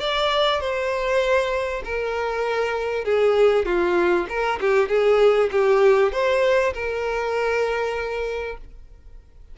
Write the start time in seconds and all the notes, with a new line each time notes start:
0.00 D5
0.60 C5
1.85 A#4
3.04 G#4
3.65 F4
4.29 A#4
4.60 G4
4.88 G#4
5.51 G4
6.12 C5
6.74 A#4